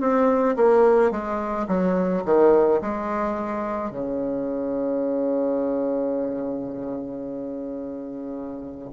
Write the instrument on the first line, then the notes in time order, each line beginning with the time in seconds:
bassoon
0.00 C4
0.56 A#3
1.11 G#3
1.68 F#3
2.25 D#3
2.81 G#3
3.90 C#3